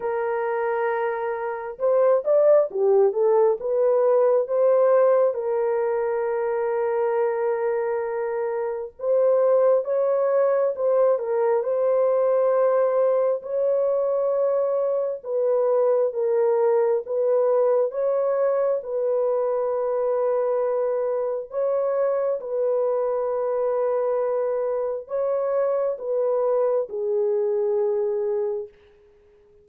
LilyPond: \new Staff \with { instrumentName = "horn" } { \time 4/4 \tempo 4 = 67 ais'2 c''8 d''8 g'8 a'8 | b'4 c''4 ais'2~ | ais'2 c''4 cis''4 | c''8 ais'8 c''2 cis''4~ |
cis''4 b'4 ais'4 b'4 | cis''4 b'2. | cis''4 b'2. | cis''4 b'4 gis'2 | }